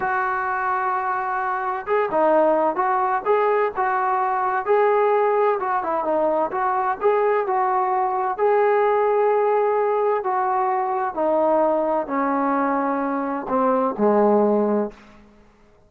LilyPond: \new Staff \with { instrumentName = "trombone" } { \time 4/4 \tempo 4 = 129 fis'1 | gis'8 dis'4. fis'4 gis'4 | fis'2 gis'2 | fis'8 e'8 dis'4 fis'4 gis'4 |
fis'2 gis'2~ | gis'2 fis'2 | dis'2 cis'2~ | cis'4 c'4 gis2 | }